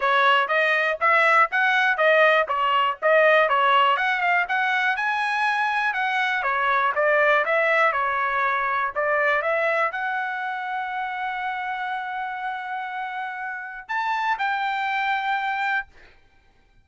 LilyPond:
\new Staff \with { instrumentName = "trumpet" } { \time 4/4 \tempo 4 = 121 cis''4 dis''4 e''4 fis''4 | dis''4 cis''4 dis''4 cis''4 | fis''8 f''8 fis''4 gis''2 | fis''4 cis''4 d''4 e''4 |
cis''2 d''4 e''4 | fis''1~ | fis''1 | a''4 g''2. | }